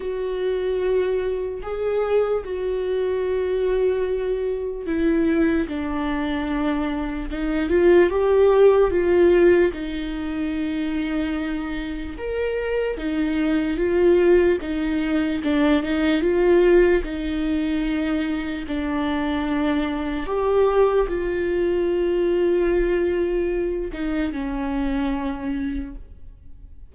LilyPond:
\new Staff \with { instrumentName = "viola" } { \time 4/4 \tempo 4 = 74 fis'2 gis'4 fis'4~ | fis'2 e'4 d'4~ | d'4 dis'8 f'8 g'4 f'4 | dis'2. ais'4 |
dis'4 f'4 dis'4 d'8 dis'8 | f'4 dis'2 d'4~ | d'4 g'4 f'2~ | f'4. dis'8 cis'2 | }